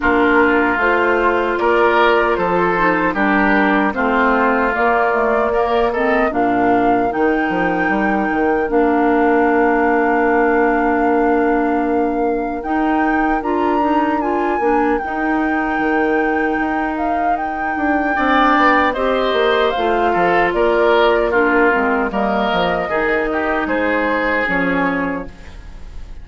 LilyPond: <<
  \new Staff \with { instrumentName = "flute" } { \time 4/4 \tempo 4 = 76 ais'4 c''4 d''4 c''4 | ais'4 c''4 d''4. dis''8 | f''4 g''2 f''4~ | f''1 |
g''4 ais''4 gis''4 g''4~ | g''4. f''8 g''2 | dis''4 f''4 d''4 ais'4 | dis''2 c''4 cis''4 | }
  \new Staff \with { instrumentName = "oboe" } { \time 4/4 f'2 ais'4 a'4 | g'4 f'2 ais'8 a'8 | ais'1~ | ais'1~ |
ais'1~ | ais'2. d''4 | c''4. a'8 ais'4 f'4 | ais'4 gis'8 g'8 gis'2 | }
  \new Staff \with { instrumentName = "clarinet" } { \time 4/4 d'4 f'2~ f'8 dis'8 | d'4 c'4 ais8 a8 ais8 c'8 | d'4 dis'2 d'4~ | d'1 |
dis'4 f'8 dis'8 f'8 d'8 dis'4~ | dis'2. d'4 | g'4 f'2 d'8 c'8 | ais4 dis'2 cis'4 | }
  \new Staff \with { instrumentName = "bassoon" } { \time 4/4 ais4 a4 ais4 f4 | g4 a4 ais2 | ais,4 dis8 f8 g8 dis8 ais4~ | ais1 |
dis'4 d'4. ais8 dis'4 | dis4 dis'4. d'8 c'8 b8 | c'8 ais8 a8 f8 ais4. gis8 | g8 f8 dis4 gis4 f4 | }
>>